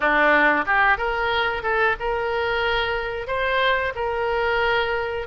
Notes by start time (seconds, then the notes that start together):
0.00 D4
0.66 G4
0.97 A#4
1.62 A4
1.99 A#4
3.27 C5
3.95 A#4